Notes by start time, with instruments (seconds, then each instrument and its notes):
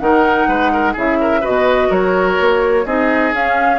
0.00 bassoon D#3, clarinet D#4, oboe A#4, flute F#5
0.48 bassoon G#3, oboe B4
0.73 oboe A#4
0.94 bassoon C#3, clarinet E4, oboe G#4, flute E5
1.21 oboe A#4
1.41 clarinet F#4, oboe B4, flute D#5
1.47 bassoon B2
1.90 bassoon F#3, oboe A#4, flute C#5
2.41 bassoon A#3
2.86 bassoon C4, clarinet D#4, oboe G#4, flute D#5
3.33 bassoon C#4, clarinet C#4, flute F5